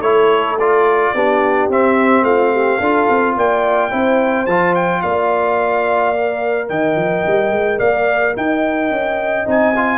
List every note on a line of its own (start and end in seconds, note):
0.00 1.11 A3
0.00 0.58 E4
0.00 1.14 A4
0.00 0.57 C#5
0.59 1.16 F4
0.59 1.70 D5
1.14 1.69 B3
1.14 1.70 D4
1.14 2.25 G4
1.69 2.22 C4
1.69 2.81 C4
1.69 2.24 E5
2.22 2.78 A3
2.22 2.52 F4
2.22 3.35 F5
2.52 2.79 G4
2.79 3.07 D4
2.79 3.91 F4
2.79 3.34 A4
3.09 3.36 C4
3.36 3.92 A#3
3.36 3.90 D5
3.36 4.46 G5
3.90 4.47 C4
3.90 4.46 E4
3.90 5.01 C5
4.46 5.02 F3
4.46 6.15 F4
4.46 4.74 A5
4.75 5.02 G5
5.02 6.70 A#3
5.02 6.69 D5
5.02 6.68 F5
6.15 9.45 A#4
6.69 6.96 D#3
6.69 7.79 D#5
6.69 7.79 G5
6.96 7.23 F3
7.27 7.51 G3
7.51 7.79 G#3
7.79 8.35 A#3
7.79 8.34 D5
7.79 8.34 F5
8.36 8.90 D#4
8.36 9.98 D#5
8.36 9.48 G5
8.90 9.46 C#4
9.45 9.98 C4
9.45 9.73 D#4
9.45 9.98 G#5
9.76 9.98 F4